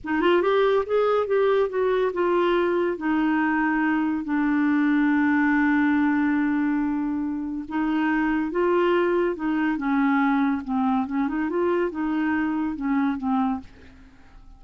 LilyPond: \new Staff \with { instrumentName = "clarinet" } { \time 4/4 \tempo 4 = 141 dis'8 f'8 g'4 gis'4 g'4 | fis'4 f'2 dis'4~ | dis'2 d'2~ | d'1~ |
d'2 dis'2 | f'2 dis'4 cis'4~ | cis'4 c'4 cis'8 dis'8 f'4 | dis'2 cis'4 c'4 | }